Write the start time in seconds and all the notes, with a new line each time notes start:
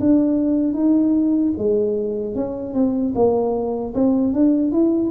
0.00 D4
0.74 D#4
1.58 G#3
2.35 C#4
2.74 C4
3.15 A#3
3.94 C4
4.33 D4
4.72 E4